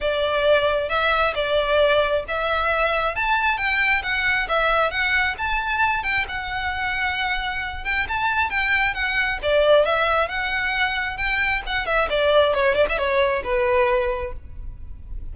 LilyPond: \new Staff \with { instrumentName = "violin" } { \time 4/4 \tempo 4 = 134 d''2 e''4 d''4~ | d''4 e''2 a''4 | g''4 fis''4 e''4 fis''4 | a''4. g''8 fis''2~ |
fis''4. g''8 a''4 g''4 | fis''4 d''4 e''4 fis''4~ | fis''4 g''4 fis''8 e''8 d''4 | cis''8 d''16 e''16 cis''4 b'2 | }